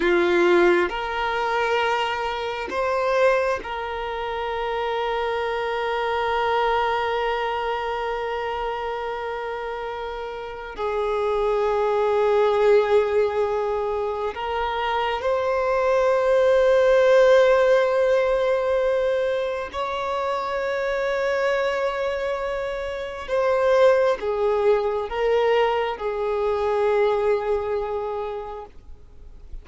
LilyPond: \new Staff \with { instrumentName = "violin" } { \time 4/4 \tempo 4 = 67 f'4 ais'2 c''4 | ais'1~ | ais'1 | gis'1 |
ais'4 c''2.~ | c''2 cis''2~ | cis''2 c''4 gis'4 | ais'4 gis'2. | }